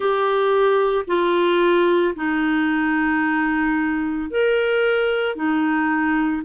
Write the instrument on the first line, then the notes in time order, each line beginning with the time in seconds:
clarinet
0.00 G4
1.07 F4
2.15 D#4
4.30 A#4
5.35 D#4